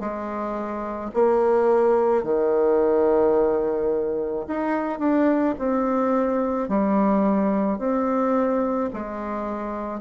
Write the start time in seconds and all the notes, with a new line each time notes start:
0.00 G#3
1.14 A#3
2.23 D#3
4.47 D#4
4.99 D4
5.59 C4
6.69 G3
7.79 C4
8.93 G#3